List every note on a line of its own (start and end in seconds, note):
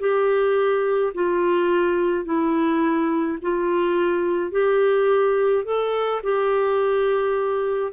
0.00 1.13 G4
1.15 2.25 F4
2.25 3.39 E4
3.42 4.52 F4
4.52 5.65 G4
5.65 6.22 A4
6.23 7.93 G4